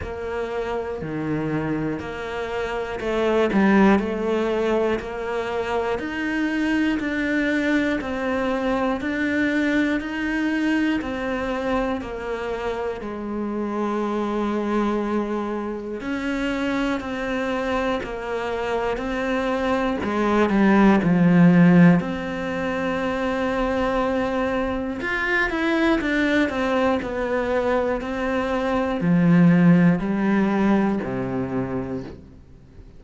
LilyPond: \new Staff \with { instrumentName = "cello" } { \time 4/4 \tempo 4 = 60 ais4 dis4 ais4 a8 g8 | a4 ais4 dis'4 d'4 | c'4 d'4 dis'4 c'4 | ais4 gis2. |
cis'4 c'4 ais4 c'4 | gis8 g8 f4 c'2~ | c'4 f'8 e'8 d'8 c'8 b4 | c'4 f4 g4 c4 | }